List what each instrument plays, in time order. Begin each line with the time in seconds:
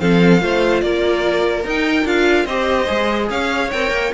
0.00 cello F3, viola C4, violin A4 F5
0.39 cello A3, viola F4, violin C5
0.82 cello A#3, violin A#4 D5
1.65 cello D#4, viola D#4, violin G5
2.05 cello D4, viola F4, violin F5
2.45 cello C4, viola G4, violin C5 D#5
2.87 cello G#3, viola G#4
3.30 cello C#4, violin C#5 F5
3.71 cello C4, viola A#4, violin G5
3.91 cello A#3